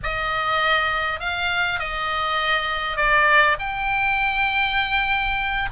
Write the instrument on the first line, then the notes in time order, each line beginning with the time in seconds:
oboe
0.03 D#5
1.20 F5
1.79 D#5
2.96 D5
3.59 G5